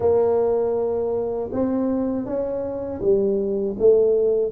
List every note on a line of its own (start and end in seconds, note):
0.00 1.50 A#3
1.52 2.25 C4
2.25 3.00 C#4
3.01 3.76 G3
3.78 4.51 A3